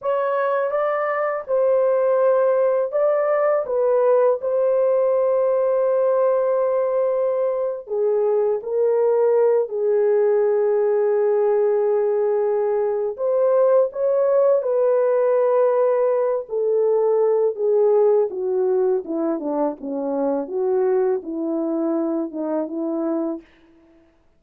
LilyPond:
\new Staff \with { instrumentName = "horn" } { \time 4/4 \tempo 4 = 82 cis''4 d''4 c''2 | d''4 b'4 c''2~ | c''2~ c''8. gis'4 ais'16~ | ais'4~ ais'16 gis'2~ gis'8.~ |
gis'2 c''4 cis''4 | b'2~ b'8 a'4. | gis'4 fis'4 e'8 d'8 cis'4 | fis'4 e'4. dis'8 e'4 | }